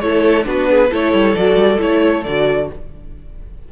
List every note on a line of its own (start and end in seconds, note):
0.00 0.46 A3
0.00 0.44 E4
0.00 0.47 A4
0.00 0.44 C#5
0.44 0.91 B3
0.44 0.88 D4
0.44 0.70 F#4
0.44 0.94 B4
0.70 0.90 G#4
0.90 1.13 A3
0.90 1.36 E4
0.90 2.68 A4
0.90 1.36 C#5
1.13 1.36 G3
1.36 1.55 F#3
1.36 1.78 F#4
1.36 1.81 D5
1.55 1.78 G3
1.78 2.25 A3
1.78 2.23 E4
1.78 2.24 C#5
2.24 2.70 D3
2.24 2.72 F#4
2.24 2.68 D5